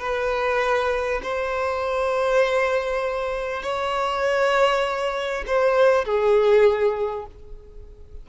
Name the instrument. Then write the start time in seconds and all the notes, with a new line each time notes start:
violin
0.00 B4
1.23 C5
3.63 C#5
5.47 C5
6.05 G#4